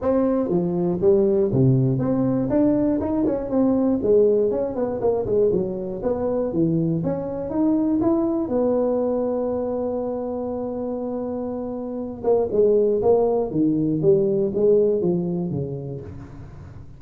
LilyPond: \new Staff \with { instrumentName = "tuba" } { \time 4/4 \tempo 4 = 120 c'4 f4 g4 c4 | c'4 d'4 dis'8 cis'8 c'4 | gis4 cis'8 b8 ais8 gis8 fis4 | b4 e4 cis'4 dis'4 |
e'4 b2.~ | b1~ | b8 ais8 gis4 ais4 dis4 | g4 gis4 f4 cis4 | }